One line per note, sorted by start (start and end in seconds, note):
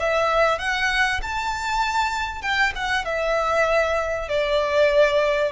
0.00 0.59 E5
0.59 1.21 F#5
1.23 2.42 A5
2.42 2.73 G5
2.76 3.05 F#5
3.05 4.29 E5
4.29 5.52 D5